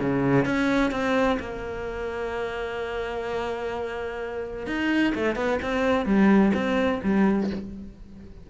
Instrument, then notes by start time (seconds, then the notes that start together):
cello
0.00 C#3
0.45 C#4
0.91 C4
1.40 A#3
4.67 D#4
5.15 A3
5.36 B3
5.62 C4
6.05 G3
6.54 C4
7.03 G3